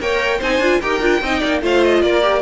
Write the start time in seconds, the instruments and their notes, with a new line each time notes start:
0.00 cello A#3, viola A#4, violin C#5 G5
0.39 cello C4, viola D#4, violin C5 G#5
0.58 cello D4, viola F4
0.81 cello D#4, viola G4, violin A#4 G5
1.01 cello D4, viola F4
1.21 cello C4, viola D#4, violin D#5
1.39 cello A#3, violin D5
1.61 cello A3, viola F4, violin C5 F5
1.84 violin D#5
2.02 cello A#3, violin A#4 D5
2.22 viola G4